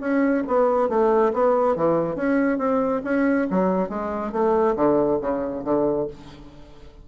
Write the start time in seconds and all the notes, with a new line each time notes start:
0.00 C#4
0.47 B3
0.89 A3
1.33 B3
1.75 E3
2.16 C#4
2.58 C4
3.04 C#4
3.50 F#3
3.88 G#3
4.32 A3
4.75 D3
5.21 C#3
5.64 D3